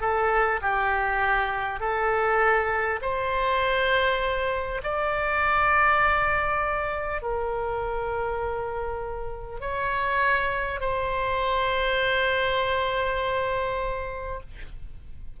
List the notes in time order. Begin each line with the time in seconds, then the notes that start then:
0.00 A4
0.61 G4
1.80 A4
3.01 C5
4.83 D5
7.22 A#4
9.60 C#5
10.80 C5